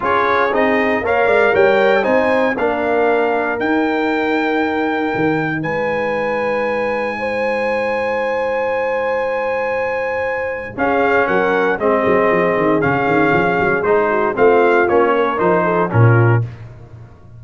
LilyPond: <<
  \new Staff \with { instrumentName = "trumpet" } { \time 4/4 \tempo 4 = 117 cis''4 dis''4 f''4 g''4 | gis''4 f''2 g''4~ | g''2. gis''4~ | gis''1~ |
gis''1~ | gis''4 f''4 fis''4 dis''4~ | dis''4 f''2 c''4 | f''4 cis''4 c''4 ais'4 | }
  \new Staff \with { instrumentName = "horn" } { \time 4/4 gis'2 cis''8 d''8 cis''4 | c''4 ais'2.~ | ais'2. b'4~ | b'2 c''2~ |
c''1~ | c''4 gis'4 ais'4 gis'4~ | gis'2.~ gis'8 fis'8 | f'4. ais'4 a'8 f'4 | }
  \new Staff \with { instrumentName = "trombone" } { \time 4/4 f'4 dis'4 ais'2 | dis'4 d'2 dis'4~ | dis'1~ | dis'1~ |
dis'1~ | dis'4 cis'2 c'4~ | c'4 cis'2 dis'4 | c'4 cis'4 dis'4 cis'4 | }
  \new Staff \with { instrumentName = "tuba" } { \time 4/4 cis'4 c'4 ais8 gis8 g4 | c'4 ais2 dis'4~ | dis'2 dis4 gis4~ | gis1~ |
gis1~ | gis4 cis'4 fis4 gis8 fis8 | f8 dis8 cis8 dis8 f8 fis8 gis4 | a4 ais4 f4 ais,4 | }
>>